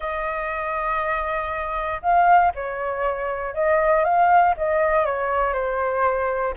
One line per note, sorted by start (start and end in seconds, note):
0.00 2.01 D#5
2.02 2.52 F5
2.54 3.54 C#5
3.54 4.04 D#5
4.04 4.54 F5
4.57 5.05 D#5
5.05 5.53 C#5
5.53 6.54 C5